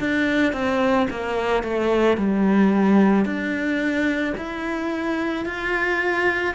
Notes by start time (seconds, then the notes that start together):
0.00 D4
0.53 C4
1.11 A#3
1.63 A3
2.17 G3
3.25 D4
4.37 E4
5.45 F4